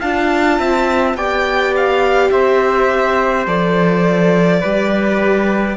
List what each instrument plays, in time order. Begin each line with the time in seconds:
0.00 cello D4, viola F4, trumpet F5, violin A5
0.59 cello C4, trumpet E5
1.15 cello B3, viola G4, trumpet D5, violin G5
1.76 violin F5
2.31 cello C4, trumpet C5, violin E5
3.47 cello F3, viola A4, violin D5
4.61 cello G3, viola G4, trumpet B4